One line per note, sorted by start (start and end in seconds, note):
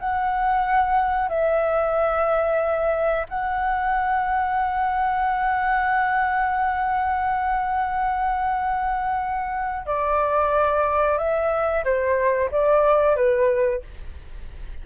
0.00 1.29 F#5
1.29 3.27 E5
3.29 9.86 F#5
9.86 11.18 D5
11.18 11.84 E5
11.84 12.50 C5
12.52 13.16 D5
13.16 13.82 B4